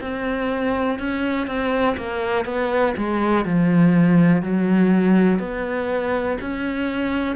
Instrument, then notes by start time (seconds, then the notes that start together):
cello
0.00 C4
0.99 C#4
1.47 C4
1.97 A#3
2.45 B3
2.96 G#3
3.45 F3
4.42 F#3
5.39 B3
6.41 C#4